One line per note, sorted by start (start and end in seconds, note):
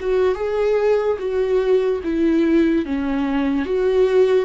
0.00 0.35 F#4
0.35 1.17 G#4
1.19 2.01 F#4
2.04 2.85 E4
2.85 3.65 C#4
3.65 4.45 F#4